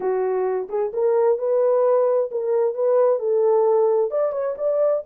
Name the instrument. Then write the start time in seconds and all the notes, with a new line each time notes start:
horn
0.00 F#4
0.69 G#4
0.93 A#4
1.38 B4
2.31 A#4
2.74 B4
3.19 A4
4.11 D5
4.32 C#5
4.57 D5